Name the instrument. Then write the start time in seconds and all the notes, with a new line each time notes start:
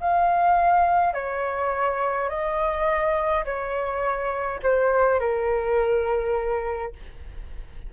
flute
0.00 F5
1.14 C#5
2.29 D#5
3.45 C#5
4.63 C5
5.20 A#4